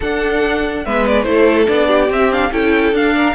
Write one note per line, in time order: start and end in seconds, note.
0.00 0.85 D4
0.00 0.84 A4
0.00 0.85 F#5
0.85 1.25 G#3
0.85 1.24 B3
0.85 1.27 B4
0.85 1.06 E5
1.06 1.22 D5
1.22 1.67 A3
1.22 1.65 E4
1.22 1.64 C5
1.29 1.87 A4
1.65 2.09 B3
1.65 2.07 D4
1.65 2.10 D5
1.87 2.50 G4
2.09 2.51 C4
2.09 2.31 C4
2.09 2.32 E5
2.31 2.51 D4
2.31 2.52 F5
2.51 2.92 C#4
2.51 2.93 E4
2.51 3.15 A4
2.51 2.94 G5
2.92 3.34 D4
2.92 3.35 D4
2.92 3.35 F5
3.15 3.35 A#4